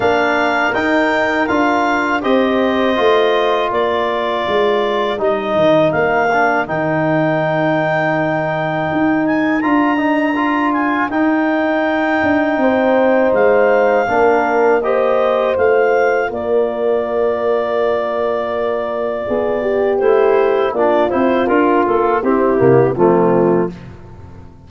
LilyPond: <<
  \new Staff \with { instrumentName = "clarinet" } { \time 4/4 \tempo 4 = 81 f''4 g''4 f''4 dis''4~ | dis''4 d''2 dis''4 | f''4 g''2.~ | g''8 gis''8 ais''4. gis''8 g''4~ |
g''2 f''2 | dis''4 f''4 d''2~ | d''2. c''4 | d''8 c''8 ais'8 a'8 g'4 f'4 | }
  \new Staff \with { instrumentName = "horn" } { \time 4/4 ais'2. c''4~ | c''4 ais'2.~ | ais'1~ | ais'1~ |
ais'4 c''2 ais'4 | c''2 ais'2~ | ais'2 gis'8 g'4. | f'2 e'4 c'4 | }
  \new Staff \with { instrumentName = "trombone" } { \time 4/4 d'4 dis'4 f'4 g'4 | f'2. dis'4~ | dis'8 d'8 dis'2.~ | dis'4 f'8 dis'8 f'4 dis'4~ |
dis'2. d'4 | g'4 f'2.~ | f'2. e'4 | d'8 e'8 f'4 c'8 ais8 a4 | }
  \new Staff \with { instrumentName = "tuba" } { \time 4/4 ais4 dis'4 d'4 c'4 | a4 ais4 gis4 g8 dis8 | ais4 dis2. | dis'4 d'2 dis'4~ |
dis'8 d'8 c'4 gis4 ais4~ | ais4 a4 ais2~ | ais2 b4 a4 | ais8 c'8 d'8 ais8 c'8 c8 f4 | }
>>